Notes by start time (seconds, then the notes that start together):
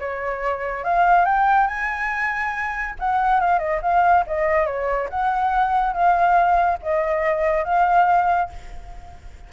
0.00 C#5
0.85 F5
1.25 G5
1.68 G#5
2.99 F#5
3.41 F5
3.59 D#5
3.82 F5
4.27 D#5
4.66 C#5
5.10 F#5
5.93 F5
6.83 D#5
7.65 F5